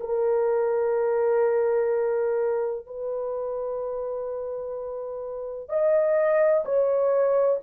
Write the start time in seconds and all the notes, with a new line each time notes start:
0.00 A#4
2.86 B4
5.69 D#5
6.65 C#5